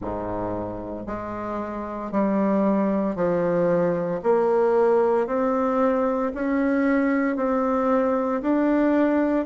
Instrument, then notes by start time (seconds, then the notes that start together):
bassoon
0.01 G#2
1.06 G#3
2.11 G3
3.15 F3
4.23 A#3
5.26 C4
6.34 C#4
7.36 C4
8.42 D4